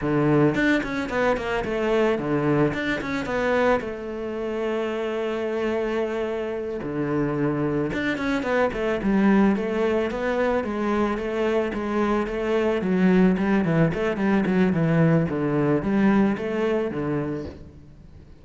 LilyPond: \new Staff \with { instrumentName = "cello" } { \time 4/4 \tempo 4 = 110 d4 d'8 cis'8 b8 ais8 a4 | d4 d'8 cis'8 b4 a4~ | a1~ | a8 d2 d'8 cis'8 b8 |
a8 g4 a4 b4 gis8~ | gis8 a4 gis4 a4 fis8~ | fis8 g8 e8 a8 g8 fis8 e4 | d4 g4 a4 d4 | }